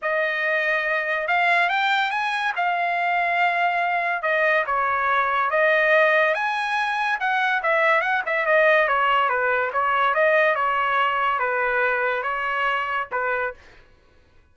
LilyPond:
\new Staff \with { instrumentName = "trumpet" } { \time 4/4 \tempo 4 = 142 dis''2. f''4 | g''4 gis''4 f''2~ | f''2 dis''4 cis''4~ | cis''4 dis''2 gis''4~ |
gis''4 fis''4 e''4 fis''8 e''8 | dis''4 cis''4 b'4 cis''4 | dis''4 cis''2 b'4~ | b'4 cis''2 b'4 | }